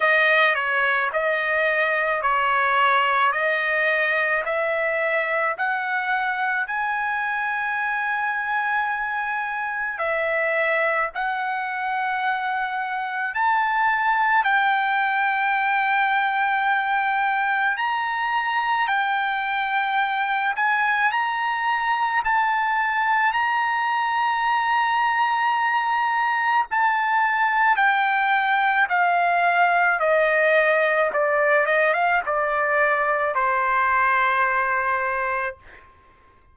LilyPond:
\new Staff \with { instrumentName = "trumpet" } { \time 4/4 \tempo 4 = 54 dis''8 cis''8 dis''4 cis''4 dis''4 | e''4 fis''4 gis''2~ | gis''4 e''4 fis''2 | a''4 g''2. |
ais''4 g''4. gis''8 ais''4 | a''4 ais''2. | a''4 g''4 f''4 dis''4 | d''8 dis''16 f''16 d''4 c''2 | }